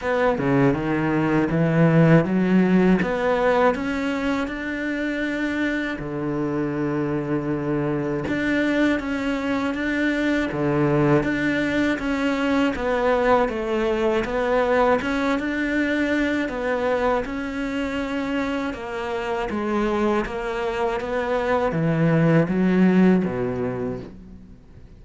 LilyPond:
\new Staff \with { instrumentName = "cello" } { \time 4/4 \tempo 4 = 80 b8 cis8 dis4 e4 fis4 | b4 cis'4 d'2 | d2. d'4 | cis'4 d'4 d4 d'4 |
cis'4 b4 a4 b4 | cis'8 d'4. b4 cis'4~ | cis'4 ais4 gis4 ais4 | b4 e4 fis4 b,4 | }